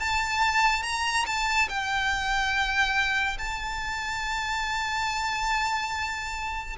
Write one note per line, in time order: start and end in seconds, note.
0.00 0.83 A5
0.83 1.26 A#5
1.27 1.69 A5
1.69 3.38 G5
3.39 6.77 A5